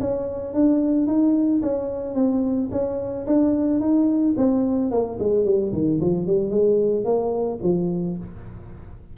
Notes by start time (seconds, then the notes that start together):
0.00 C#4
0.54 D4
1.07 D#4
1.62 C#4
2.14 C4
2.71 C#4
3.27 D4
3.80 D#4
4.37 C4
4.91 A#3
5.19 G#3
5.45 G3
5.73 D#3
6.00 F3
6.27 G3
6.50 G#3
7.04 A#3
7.63 F3